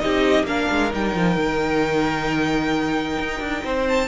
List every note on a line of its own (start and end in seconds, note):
0.00 0.44 C4
0.00 0.45 D#4
0.00 0.48 G4
0.00 0.45 D#5
0.44 0.66 A#3
0.44 0.91 D4
0.44 3.64 A#4
0.44 0.92 F5
0.71 0.94 G#3
0.91 1.16 G3
0.91 4.08 D#4
0.91 3.89 G5
1.16 1.36 F3
1.36 3.18 D#3
3.20 3.40 D#4
3.40 3.63 D4
3.64 4.08 C4
3.64 4.08 C5
3.89 4.08 A5